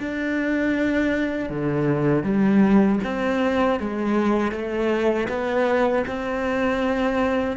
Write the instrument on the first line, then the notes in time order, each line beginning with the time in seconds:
cello
0.00 D4
1.50 D3
2.24 G3
3.04 C4
3.80 G#3
4.52 A3
5.29 B3
6.08 C4